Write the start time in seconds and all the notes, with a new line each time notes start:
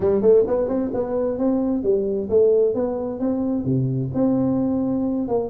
0.00 G3
0.21 A3
0.47 B3
0.68 C4
0.93 B3
1.38 C4
1.83 G3
2.29 A3
2.74 B3
3.19 C4
3.64 C3
4.14 C4
5.28 A#3